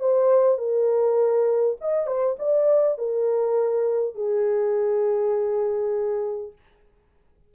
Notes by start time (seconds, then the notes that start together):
0.00 C5
0.58 A#4
1.81 D#5
2.07 C5
2.39 D5
2.98 A#4
4.15 G#4